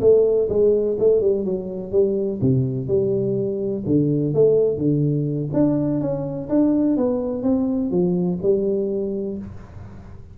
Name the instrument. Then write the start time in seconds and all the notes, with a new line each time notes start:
tuba
0.00 A3
0.49 G#3
0.99 A3
1.20 G3
1.44 F#3
1.91 G3
2.41 C3
2.87 G3
3.86 D3
4.34 A3
4.77 D3
5.53 D4
6.00 C#4
6.49 D4
6.96 B3
7.42 C4
7.90 F3
8.42 G3